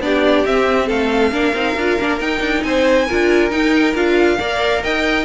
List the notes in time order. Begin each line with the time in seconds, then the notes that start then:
0.00 B3 D4 G4 D5
0.46 C4 E5
0.87 A3 A4 F5
1.32 A#3 D4 A#4
1.54 C4 D#4
1.77 D4 F4
2.00 A#3 D4
2.20 D#4 G5
2.41 D4
2.64 C4 C5 G#5
3.07 D4 F4 A#4
3.51 D#4 G5
3.95 D4 F4 F5
4.39 A#3 A#4 D5
4.84 D#4 D#5 G5